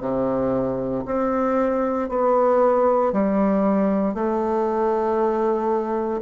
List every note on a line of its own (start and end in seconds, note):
0.00 1.03 C3
1.05 2.08 C4
2.09 3.12 B3
3.12 4.14 G3
4.14 6.21 A3